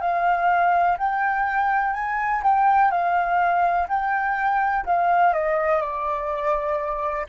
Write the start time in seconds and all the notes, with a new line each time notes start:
0.00 F5
0.97 G5
1.93 G#5
2.42 G5
2.90 F5
3.88 G5
4.85 F5
5.33 D#5
5.81 D5